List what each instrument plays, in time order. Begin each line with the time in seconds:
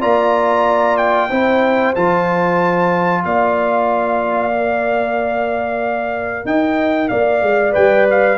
0.00 tuba A#3, trombone F4, horn D5, trumpet A#5
0.97 trumpet G5
1.30 tuba C4, trombone E4, horn C5
1.95 tuba F3, trombone F4, trumpet A5
3.25 tuba A#3, horn D5, trumpet F5
4.51 trombone A#4
6.45 tuba D#4, horn D#5, trumpet G5
7.08 tuba A#3, horn D5, trumpet F5
7.42 tuba G#3
7.72 tuba G3, trombone B4, trumpet G5
8.10 trumpet F5